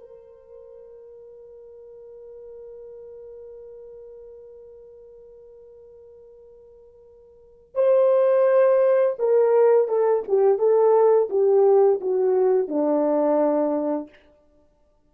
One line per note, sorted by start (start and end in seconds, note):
0.00 7.75 A#4
7.75 9.16 C5
9.19 9.88 A#4
9.88 10.23 A4
10.28 10.59 G4
10.59 11.29 A4
11.30 12.00 G4
12.01 12.68 F#4
12.68 14.10 D4